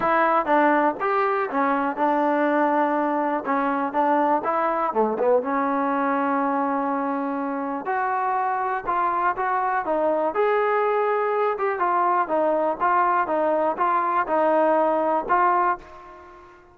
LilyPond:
\new Staff \with { instrumentName = "trombone" } { \time 4/4 \tempo 4 = 122 e'4 d'4 g'4 cis'4 | d'2. cis'4 | d'4 e'4 a8 b8 cis'4~ | cis'1 |
fis'2 f'4 fis'4 | dis'4 gis'2~ gis'8 g'8 | f'4 dis'4 f'4 dis'4 | f'4 dis'2 f'4 | }